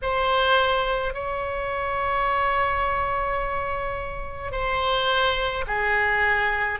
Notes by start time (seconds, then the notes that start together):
0.02 C5
1.13 C#5
4.51 C5
5.67 G#4